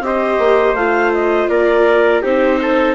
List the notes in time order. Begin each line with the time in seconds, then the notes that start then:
0.00 C4 G4 C5 D#5
0.38 A#3
0.73 A3 F4 F5
1.13 D#5
1.48 A#3 A#4 D5
2.22 C4 D#4 G4 C5
2.62 A4